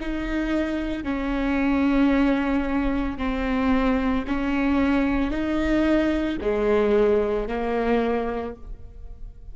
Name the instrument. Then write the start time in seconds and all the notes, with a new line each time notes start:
viola
0.00 D#4
1.03 C#4
3.18 C4
4.27 C#4
5.30 D#4
6.41 G#3
7.48 A#3